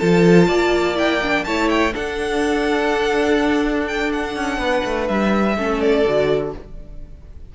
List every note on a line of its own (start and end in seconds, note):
0.00 0.49 F3
0.00 0.96 F4
0.00 0.48 A4
0.00 0.97 A5
0.48 1.45 A#3
0.48 1.45 D5
0.96 1.20 E4
0.96 1.45 G5
1.23 1.47 D4
1.45 1.95 A3
1.45 1.93 E4
1.45 1.94 C#5
1.45 1.69 A5
1.70 1.94 G5
1.93 5.56 D4
1.93 4.36 D4
1.93 4.60 A4
1.93 3.88 F#5
3.88 4.12 G5
4.13 5.08 F#5
4.36 4.58 C#4
4.58 4.82 B3
4.58 5.57 B4
4.85 5.09 A3
5.08 5.58 G3
5.08 5.81 E5
5.57 6.06 A3
5.57 6.06 C#4
5.57 6.53 A4
5.81 6.53 D5
6.06 6.54 D3
6.06 6.56 F#4